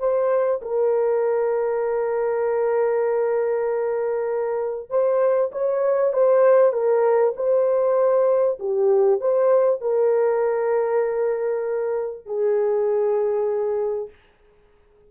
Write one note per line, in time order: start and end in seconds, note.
0.00 0.61 C5
0.62 4.90 A#4
4.90 5.52 C5
5.52 6.13 C#5
6.13 6.73 C5
6.73 7.34 A#4
7.37 8.59 C5
8.60 9.21 G4
9.21 9.82 C5
9.82 12.26 A#4
12.26 14.10 G#4